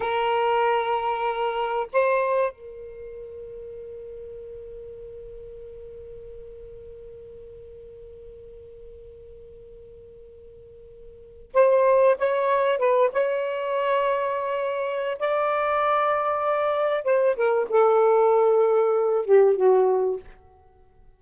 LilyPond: \new Staff \with { instrumentName = "saxophone" } { \time 4/4 \tempo 4 = 95 ais'2. c''4 | ais'1~ | ais'1~ | ais'1~ |
ais'2~ ais'16 c''4 cis''8.~ | cis''16 b'8 cis''2.~ cis''16 | d''2. c''8 ais'8 | a'2~ a'8 g'8 fis'4 | }